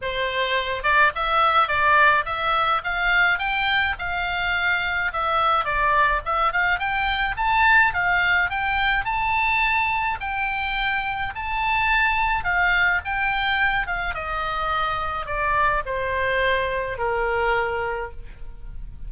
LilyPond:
\new Staff \with { instrumentName = "oboe" } { \time 4/4 \tempo 4 = 106 c''4. d''8 e''4 d''4 | e''4 f''4 g''4 f''4~ | f''4 e''4 d''4 e''8 f''8 | g''4 a''4 f''4 g''4 |
a''2 g''2 | a''2 f''4 g''4~ | g''8 f''8 dis''2 d''4 | c''2 ais'2 | }